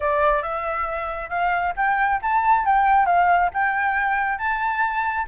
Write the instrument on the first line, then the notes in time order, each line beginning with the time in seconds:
flute
0.00 D5
0.42 E5
1.29 F5
1.76 G5
2.22 A5
2.65 G5
3.06 F5
3.53 G5
4.38 A5